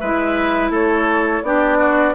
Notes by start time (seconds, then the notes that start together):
0.00 G#3 E4 B4 E5
0.71 A3 A4 C#5
1.43 B3 D4 G4 D5
1.78 F#4